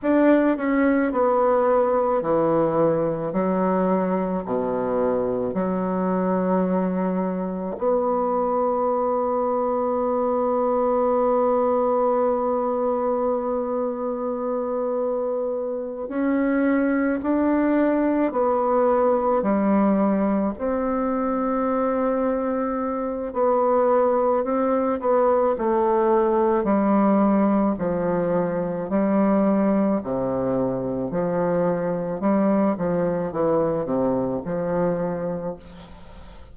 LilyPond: \new Staff \with { instrumentName = "bassoon" } { \time 4/4 \tempo 4 = 54 d'8 cis'8 b4 e4 fis4 | b,4 fis2 b4~ | b1~ | b2~ b8 cis'4 d'8~ |
d'8 b4 g4 c'4.~ | c'4 b4 c'8 b8 a4 | g4 f4 g4 c4 | f4 g8 f8 e8 c8 f4 | }